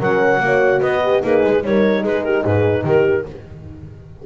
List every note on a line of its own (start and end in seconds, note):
0.00 0.40 F#3
0.00 0.41 C#4
0.00 0.41 A#4
0.00 0.82 F#5
0.40 0.81 A#3
0.40 1.03 F#4
0.40 0.80 C#5
0.80 1.23 B3
0.80 1.20 B4
0.80 1.23 D#5
1.03 1.23 G4
1.20 1.44 A#3
1.20 1.61 D#4
1.20 1.63 G#4
1.20 1.64 B4
1.44 1.64 G#3
1.63 2.04 G3
1.63 3.26 D#4
1.63 2.02 A#4
1.63 2.05 C#5
2.02 2.45 G#3
2.02 2.23 G#4
2.02 2.24 B4
2.24 2.43 G4
2.24 2.44 A#4
2.43 2.84 G#2
2.43 2.84 G#4
2.43 2.86 B4
2.84 3.25 D#3
2.84 3.26 G4
2.84 3.26 A#4